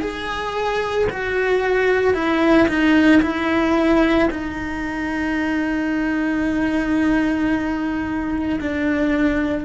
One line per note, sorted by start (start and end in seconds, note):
0.00 1.07 G#4
1.10 2.13 F#4
2.13 2.67 E4
2.67 3.21 D#4
3.21 4.29 E4
4.30 8.59 D#4
8.60 9.64 D4